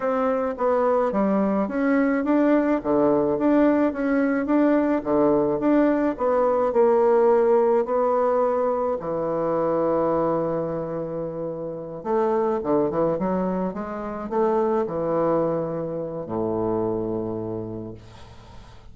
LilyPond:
\new Staff \with { instrumentName = "bassoon" } { \time 4/4 \tempo 4 = 107 c'4 b4 g4 cis'4 | d'4 d4 d'4 cis'4 | d'4 d4 d'4 b4 | ais2 b2 |
e1~ | e4. a4 d8 e8 fis8~ | fis8 gis4 a4 e4.~ | e4 a,2. | }